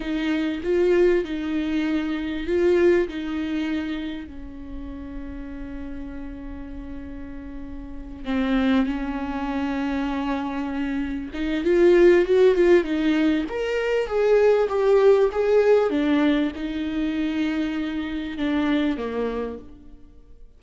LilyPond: \new Staff \with { instrumentName = "viola" } { \time 4/4 \tempo 4 = 98 dis'4 f'4 dis'2 | f'4 dis'2 cis'4~ | cis'1~ | cis'4. c'4 cis'4.~ |
cis'2~ cis'8 dis'8 f'4 | fis'8 f'8 dis'4 ais'4 gis'4 | g'4 gis'4 d'4 dis'4~ | dis'2 d'4 ais4 | }